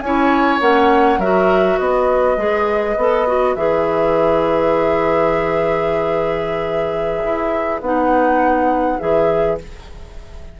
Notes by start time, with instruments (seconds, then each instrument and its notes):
0.00 bassoon C#4, clarinet E4, oboe C#5, flute G#5
0.60 bassoon A#3, clarinet C#4, flute F#5
1.18 bassoon F#3, clarinet F#4, oboe A#4, flute E5
1.78 bassoon B3, oboe B4, flute D#5
2.37 bassoon G#3, clarinet G#4
2.96 bassoon B3, clarinet A4
3.27 clarinet F#4
3.54 bassoon E3, clarinet G#4, flute E5
7.24 bassoon E4
7.81 bassoon B3, clarinet D#4, flute F#5
8.99 bassoon E3, clarinet G#4, flute E5